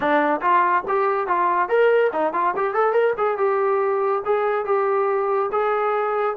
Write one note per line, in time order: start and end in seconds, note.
0.00 0.41 D4
0.41 0.83 F4
0.88 1.27 G4
1.27 1.68 F4
1.68 2.11 A#4
2.12 2.33 D#4
2.33 2.54 F4
2.56 2.73 G4
2.73 2.92 A4
2.92 3.13 A#4
3.17 3.37 G#4
3.37 4.22 G4
4.25 4.65 G#4
4.65 5.49 G4
5.52 6.36 G#4